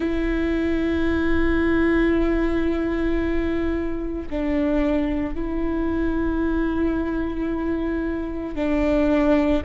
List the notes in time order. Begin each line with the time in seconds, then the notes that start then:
0.00 E4
4.30 D4
5.34 E4
8.55 D4